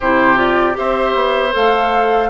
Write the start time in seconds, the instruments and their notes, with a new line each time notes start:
0.00 bassoon C3, clarinet E4, oboe G4, flute C5
0.36 clarinet F4, flute D5
0.73 bassoon C4, clarinet G4, oboe C5, flute E5
1.14 bassoon B3
1.51 bassoon A3, clarinet A4, flute F5